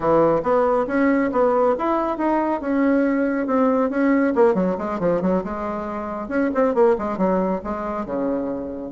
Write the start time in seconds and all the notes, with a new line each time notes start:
0.00 E3
0.42 B3
0.87 C#4
1.31 B3
1.78 E4
2.17 D#4
2.60 C#4
3.46 C4
3.90 C#4
4.35 A#3
4.54 F#3
4.77 G#3
4.99 F3
5.21 F#3
5.43 G#3
6.28 C#4
6.54 C4
6.74 A#3
6.98 G#3
7.17 F#3
7.63 G#3
8.05 C#3